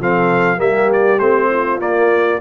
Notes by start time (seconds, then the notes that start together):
0.00 F3 C4 A4 F5
0.58 G3 A#3 G4 E5
0.93 D5
1.19 A3 C4 C5
1.50 F4
1.79 A#3 D5